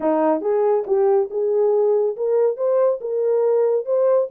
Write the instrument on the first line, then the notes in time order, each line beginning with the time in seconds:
horn
0.00 D#4
0.41 G#4
0.86 G4
1.30 G#4
2.16 A#4
2.56 C5
3.01 A#4
3.85 C5